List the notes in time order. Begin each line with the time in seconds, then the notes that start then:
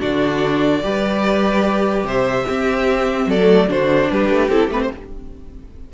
0.00 D3 D4 F#4 D5
0.83 G3 G4 B4
2.04 C3 C5 E5
2.45 C4 G4
3.26 F#3 A4 D5
3.39 A3
3.68 D3 D4 F#4 C5
4.11 G3 G4 B4
4.30 A3
4.49 C4 E4 A4
4.68 A3 C4 B4
4.82 C5